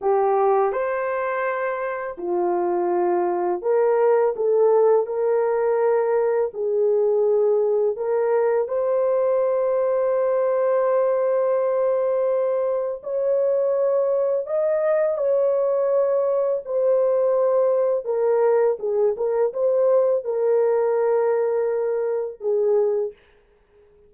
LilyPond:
\new Staff \with { instrumentName = "horn" } { \time 4/4 \tempo 4 = 83 g'4 c''2 f'4~ | f'4 ais'4 a'4 ais'4~ | ais'4 gis'2 ais'4 | c''1~ |
c''2 cis''2 | dis''4 cis''2 c''4~ | c''4 ais'4 gis'8 ais'8 c''4 | ais'2. gis'4 | }